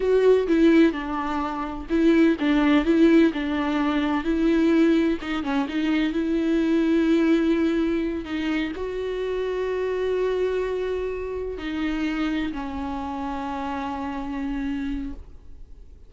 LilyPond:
\new Staff \with { instrumentName = "viola" } { \time 4/4 \tempo 4 = 127 fis'4 e'4 d'2 | e'4 d'4 e'4 d'4~ | d'4 e'2 dis'8 cis'8 | dis'4 e'2.~ |
e'4. dis'4 fis'4.~ | fis'1~ | fis'8 dis'2 cis'4.~ | cis'1 | }